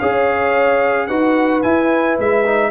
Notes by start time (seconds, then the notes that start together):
0.00 C#4 G#4 C#5 F5
1.07 D#4 F#4 B4 F#5
1.63 E4 G#5
2.19 G#3 E5
2.46 D#4